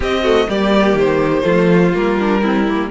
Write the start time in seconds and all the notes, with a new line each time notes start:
0.00 C4 G4 D#5
0.22 A3 F#4
0.48 G3 A#3 G4 D5
0.94 D#3 C5
1.42 F3 A3 F4
1.94 G3 A#3 A#4
2.19 D4
2.42 C4 E4
2.68 A#3